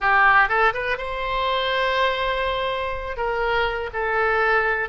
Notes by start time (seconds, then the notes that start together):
0.00 G4
0.49 A4
0.73 B4
0.97 C5
3.17 A#4
3.93 A4